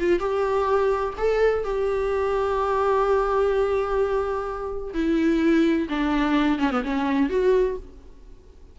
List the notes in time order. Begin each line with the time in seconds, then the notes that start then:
0.00 F4
0.19 G4
1.17 A4
1.64 G4
4.94 E4
5.89 D4
6.59 C#4
6.71 B3
6.84 C#4
7.29 F#4